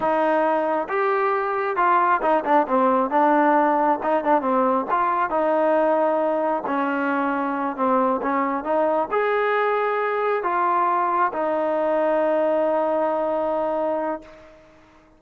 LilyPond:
\new Staff \with { instrumentName = "trombone" } { \time 4/4 \tempo 4 = 135 dis'2 g'2 | f'4 dis'8 d'8 c'4 d'4~ | d'4 dis'8 d'8 c'4 f'4 | dis'2. cis'4~ |
cis'4. c'4 cis'4 dis'8~ | dis'8 gis'2. f'8~ | f'4. dis'2~ dis'8~ | dis'1 | }